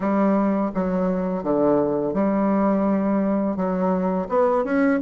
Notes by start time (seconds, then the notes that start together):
0.00 G3
0.74 F#3
1.43 D3
2.13 G3
3.56 F#3
4.28 B3
4.64 C#4